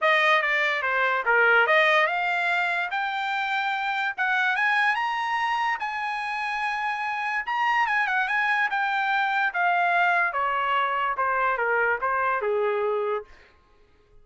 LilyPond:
\new Staff \with { instrumentName = "trumpet" } { \time 4/4 \tempo 4 = 145 dis''4 d''4 c''4 ais'4 | dis''4 f''2 g''4~ | g''2 fis''4 gis''4 | ais''2 gis''2~ |
gis''2 ais''4 gis''8 fis''8 | gis''4 g''2 f''4~ | f''4 cis''2 c''4 | ais'4 c''4 gis'2 | }